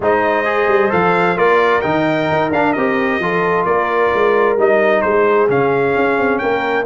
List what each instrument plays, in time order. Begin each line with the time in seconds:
0.00 tuba G#3, trombone D#4, horn C5, trumpet D#5
0.45 trombone G#4
0.67 tuba G3
0.89 tuba F3, trombone A4, trumpet F5
1.36 tuba A#3, trombone F4, horn A#4, trumpet D5
1.81 tuba D#3, trombone D#4, trumpet G5
2.31 tuba D#4
2.51 tuba D4, trombone D4, trumpet F5
2.72 tuba C4, trombone G4, trumpet D#5
3.19 tuba F3, trombone F4, horn A4
3.65 tuba A#3, horn A#4, trumpet D5
4.13 tuba G#3
4.56 tuba G3, trombone D#4, trumpet D#5
5.01 tuba G#3, horn G#4, trumpet C5
5.48 tuba C#3, trombone C#4, trumpet F5
5.96 tuba C#4
6.18 tuba C4
6.38 tuba A#3, horn A#4, trumpet G5